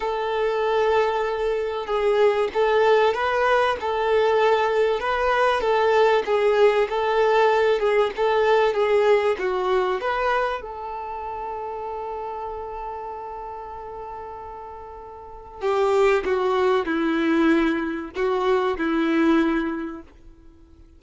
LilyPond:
\new Staff \with { instrumentName = "violin" } { \time 4/4 \tempo 4 = 96 a'2. gis'4 | a'4 b'4 a'2 | b'4 a'4 gis'4 a'4~ | a'8 gis'8 a'4 gis'4 fis'4 |
b'4 a'2.~ | a'1~ | a'4 g'4 fis'4 e'4~ | e'4 fis'4 e'2 | }